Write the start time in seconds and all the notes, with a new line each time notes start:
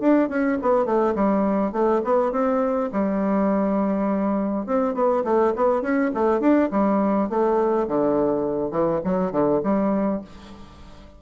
0.00 D4
0.29 C#4
0.61 B3
0.85 A3
1.15 G3
1.72 A3
2.04 B3
2.32 C4
2.92 G3
4.66 C4
4.94 B3
5.24 A3
5.55 B3
5.81 C#4
6.14 A3
6.40 D4
6.71 G3
7.29 A3
7.87 D3
8.71 E3
9.04 F#3
9.32 D3
9.63 G3